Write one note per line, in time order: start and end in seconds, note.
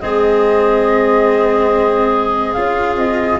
0.00 2.55 G#3
0.00 2.56 C4
0.00 3.39 G#4
0.00 2.53 D#5
2.53 2.95 C#4
2.53 3.39 F4
2.53 2.95 F5
2.95 3.37 C4
2.95 3.39 D#5